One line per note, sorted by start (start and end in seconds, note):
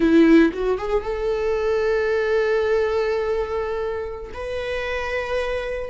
0.00 0.52 E4
0.53 0.78 F#4
0.78 1.03 G#4
1.03 4.32 A4
4.33 5.90 B4